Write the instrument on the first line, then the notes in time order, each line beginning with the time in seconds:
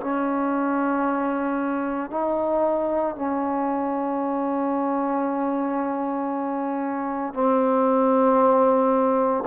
trombone
0.00 C#4
2.10 D#4
3.15 C#4
7.33 C4